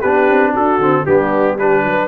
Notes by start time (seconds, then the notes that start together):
0.00 B3 D4 G4 B4
0.29 C4
0.53 D4 F#4 A4
0.79 D3 C4
1.06 G3 B3 D4 G4
1.58 D4 G4 B4
1.84 F#3 B4